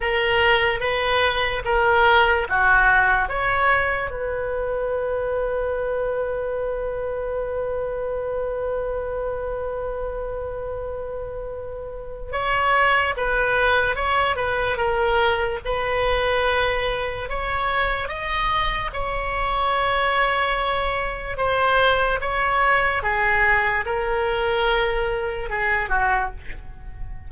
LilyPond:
\new Staff \with { instrumentName = "oboe" } { \time 4/4 \tempo 4 = 73 ais'4 b'4 ais'4 fis'4 | cis''4 b'2.~ | b'1~ | b'2. cis''4 |
b'4 cis''8 b'8 ais'4 b'4~ | b'4 cis''4 dis''4 cis''4~ | cis''2 c''4 cis''4 | gis'4 ais'2 gis'8 fis'8 | }